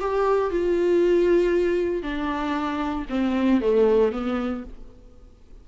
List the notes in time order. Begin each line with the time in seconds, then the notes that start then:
0.00 G4
0.51 F4
2.02 D4
3.09 C4
3.61 A3
4.12 B3